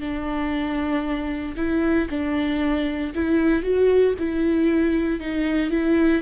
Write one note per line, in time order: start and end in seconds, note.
0.00 1.55 D4
1.57 2.08 E4
2.10 3.13 D4
3.15 3.63 E4
3.63 4.14 F#4
4.19 5.20 E4
5.20 5.70 D#4
5.70 6.22 E4